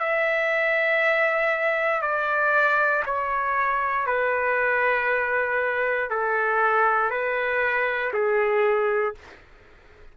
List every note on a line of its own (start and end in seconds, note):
0.00 2.02 E5
2.02 3.04 D5
3.06 4.07 C#5
4.07 6.10 B4
6.11 7.11 A4
7.11 8.13 B4
8.14 9.15 G#4